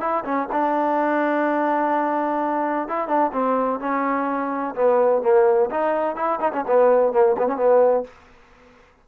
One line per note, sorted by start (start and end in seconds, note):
0.00 0.24 E4
0.24 0.48 C#4
0.52 2.88 D4
2.88 3.08 E4
3.08 3.31 D4
3.32 3.79 C4
3.80 4.74 C#4
4.75 5.22 B3
5.22 5.70 A#3
5.71 6.16 D#4
6.16 6.39 E4
6.40 6.52 D#4
6.53 6.64 C#4
6.67 7.13 B3
7.13 7.36 A#3
7.37 7.47 B3
7.47 7.57 C#4
7.57 8.04 B3